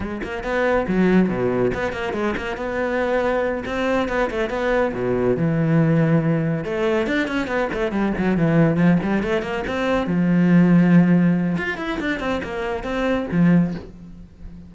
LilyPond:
\new Staff \with { instrumentName = "cello" } { \time 4/4 \tempo 4 = 140 gis8 ais8 b4 fis4 b,4 | b8 ais8 gis8 ais8 b2~ | b8 c'4 b8 a8 b4 b,8~ | b,8 e2. a8~ |
a8 d'8 cis'8 b8 a8 g8 fis8 e8~ | e8 f8 g8 a8 ais8 c'4 f8~ | f2. f'8 e'8 | d'8 c'8 ais4 c'4 f4 | }